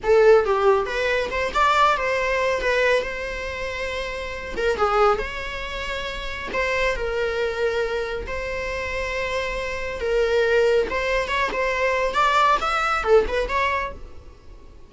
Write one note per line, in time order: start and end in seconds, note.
0.03 0.45 A4
0.45 0.86 G4
0.86 1.29 B4
1.30 1.52 C5
1.54 1.97 D5
1.97 2.61 C5
2.61 3.02 B4
3.02 4.54 C5
4.57 4.76 A#4
4.76 5.18 G#4
5.18 6.49 C#5
6.53 6.95 C5
6.95 8.26 A#4
8.26 10.00 C5
10.00 10.87 A#4
10.90 11.28 C5
11.28 11.49 C#5
11.52 12.14 C5
12.14 12.57 D5
12.60 13.03 E5
13.03 13.25 A4
13.28 13.48 B4
13.48 13.92 C#5